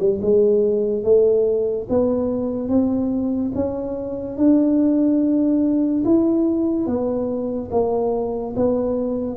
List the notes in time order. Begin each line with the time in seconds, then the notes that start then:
0.00 G3
0.22 G#3
1.04 A3
1.90 B3
2.69 C4
3.55 C#4
4.37 D4
6.05 E4
6.87 B3
7.72 A#3
8.56 B3